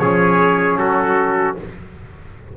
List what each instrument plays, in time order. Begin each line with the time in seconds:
0.00 double bass F3, trombone C#4, trumpet G#4 C#5
0.77 double bass F#3, trumpet F#4 A4